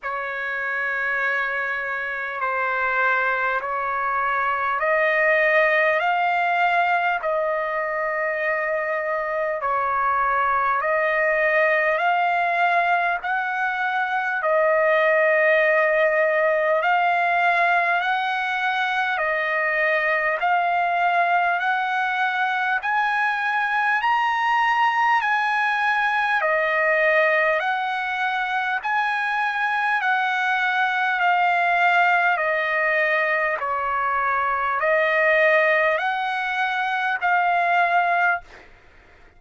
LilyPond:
\new Staff \with { instrumentName = "trumpet" } { \time 4/4 \tempo 4 = 50 cis''2 c''4 cis''4 | dis''4 f''4 dis''2 | cis''4 dis''4 f''4 fis''4 | dis''2 f''4 fis''4 |
dis''4 f''4 fis''4 gis''4 | ais''4 gis''4 dis''4 fis''4 | gis''4 fis''4 f''4 dis''4 | cis''4 dis''4 fis''4 f''4 | }